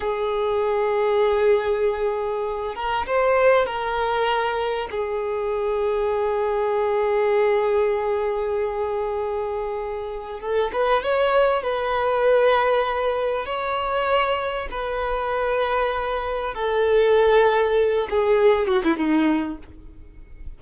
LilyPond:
\new Staff \with { instrumentName = "violin" } { \time 4/4 \tempo 4 = 98 gis'1~ | gis'8 ais'8 c''4 ais'2 | gis'1~ | gis'1~ |
gis'4 a'8 b'8 cis''4 b'4~ | b'2 cis''2 | b'2. a'4~ | a'4. gis'4 fis'16 e'16 dis'4 | }